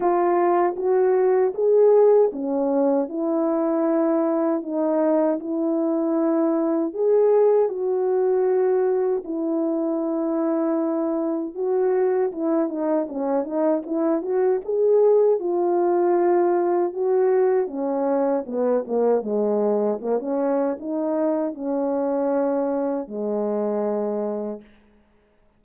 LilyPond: \new Staff \with { instrumentName = "horn" } { \time 4/4 \tempo 4 = 78 f'4 fis'4 gis'4 cis'4 | e'2 dis'4 e'4~ | e'4 gis'4 fis'2 | e'2. fis'4 |
e'8 dis'8 cis'8 dis'8 e'8 fis'8 gis'4 | f'2 fis'4 cis'4 | b8 ais8 gis4 ais16 cis'8. dis'4 | cis'2 gis2 | }